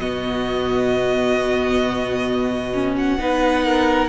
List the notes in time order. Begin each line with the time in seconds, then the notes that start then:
0.00 B2 B3 F#4 D#5
2.74 C#4
2.98 F#5
3.18 B3 D#4 B4
3.65 A#4